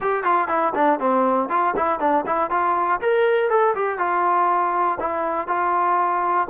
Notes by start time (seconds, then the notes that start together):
0.00 G4
0.23 F4
0.48 E4
0.74 D4
0.99 C4
1.49 F4
1.76 E4
1.99 D4
2.26 E4
2.50 F4
3.01 A#4
3.49 A4
3.75 G4
3.98 F4
5.00 E4
5.47 F4